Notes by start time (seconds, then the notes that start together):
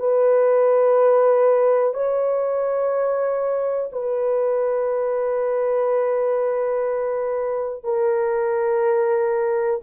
0.00 B4
1.94 C#5
3.93 B4
7.84 A#4